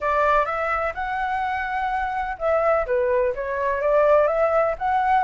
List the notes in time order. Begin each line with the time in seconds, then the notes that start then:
0.00 D5
0.45 E5
0.94 F#5
2.38 E5
2.86 B4
3.34 C#5
3.81 D5
4.27 E5
4.78 F#5